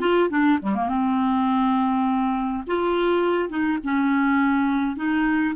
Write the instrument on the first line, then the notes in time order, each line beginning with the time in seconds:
clarinet
0.00 F4
0.30 D4
0.62 G3
0.75 A#3
0.88 C4
2.67 F4
3.49 D#4
3.84 C#4
4.96 D#4